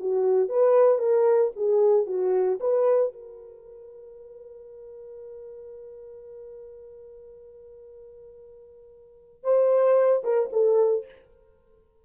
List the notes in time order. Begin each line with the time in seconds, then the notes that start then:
0.00 F#4
0.49 B4
0.99 A#4
1.56 G#4
2.07 F#4
2.60 B4
3.13 A#4
9.44 C5
10.24 A#4
10.53 A4